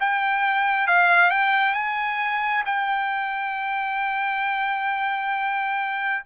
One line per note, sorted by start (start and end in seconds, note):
0.00 0.87 G5
0.87 1.30 F5
1.30 1.74 G5
1.74 2.63 G#5
2.65 6.24 G5